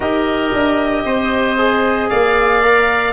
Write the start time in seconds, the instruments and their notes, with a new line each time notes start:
0.00 tuba D#4, trombone G4, oboe A#4, violin D#5
0.53 tuba D4
1.04 tuba C4, oboe C5
1.57 trombone G#4
2.09 tuba A#3, oboe D5, violin F5
2.62 trombone A#4